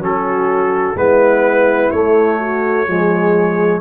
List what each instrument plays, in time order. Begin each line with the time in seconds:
0.00 tuba F#3, trombone C#4, horn F#4, trumpet A4
0.95 tuba G#3, trombone B3, horn E4, trumpet B4
1.91 tuba A3, trombone A3, trumpet C#5
2.39 horn F#4
2.87 tuba F3, trombone G#3, horn G#4